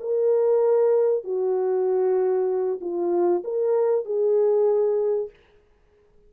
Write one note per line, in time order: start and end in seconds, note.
0.00 1.24 A#4
1.24 2.80 F#4
2.81 3.43 F4
3.44 4.05 A#4
4.05 5.30 G#4